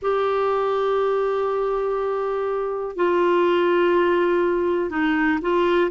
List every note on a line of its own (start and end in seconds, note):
0.02 2.96 G4
2.96 4.90 F4
4.90 5.39 D#4
5.41 5.90 F4